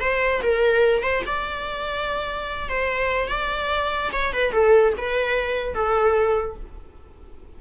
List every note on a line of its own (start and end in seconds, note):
0.00 0.41 C5
0.42 1.02 A#4
1.02 1.23 C5
1.26 2.69 D5
2.69 3.28 C5
3.28 4.10 D5
4.12 4.33 C#5
4.33 4.52 B4
4.52 4.93 A4
4.97 5.74 B4
5.74 6.56 A4